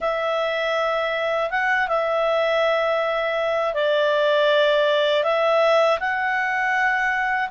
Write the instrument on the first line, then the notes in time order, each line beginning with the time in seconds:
clarinet
0.00 E5
1.50 F#5
1.88 E5
3.74 D5
5.23 E5
5.99 F#5